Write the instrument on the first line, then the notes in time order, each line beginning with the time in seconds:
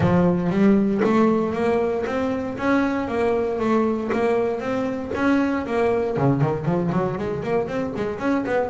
double bass
0.00 F3
0.50 G3
1.04 A3
1.53 A#3
2.05 C4
2.57 C#4
3.08 A#3
3.59 A3
4.12 A#3
4.59 C4
5.14 C#4
5.66 A#3
6.17 C#3
6.41 D#3
6.65 F3
6.92 F#3
7.17 G#3
7.43 A#3
7.67 C4
7.96 G#3
8.19 C#4
8.46 B3